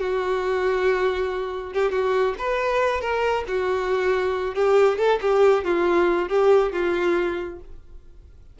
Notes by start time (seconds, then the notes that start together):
0.00 F#4
1.73 G4
1.91 F#4
2.38 B4
3.01 A#4
3.48 F#4
4.55 G4
4.98 A4
5.21 G4
5.64 F4
6.29 G4
6.73 F4